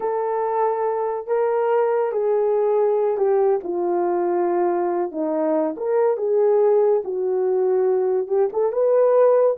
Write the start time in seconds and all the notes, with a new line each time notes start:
0.00 A4
1.27 A#4
2.12 G#4
3.17 G4
3.63 F4
5.11 D#4
5.76 A#4
6.17 G#4
7.04 F#4
8.27 G4
8.52 A4
8.72 B4